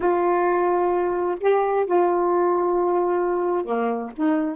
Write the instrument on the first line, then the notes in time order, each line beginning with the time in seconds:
saxophone
0.00 F4
1.40 G4
1.85 F4
3.65 A#3
4.16 D#4